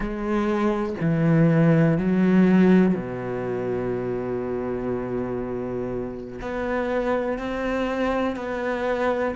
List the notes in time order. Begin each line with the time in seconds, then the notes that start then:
0.00 G#3
1.01 E3
1.98 F#3
2.95 B2
6.41 B3
7.38 C4
8.36 B3